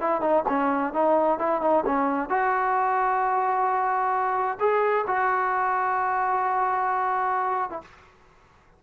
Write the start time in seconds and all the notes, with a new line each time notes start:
0.00 E4
0.21 D#4
0.48 C#4
0.93 D#4
1.39 E4
1.61 D#4
1.85 C#4
2.29 F#4
4.60 G#4
5.07 F#4
7.70 E4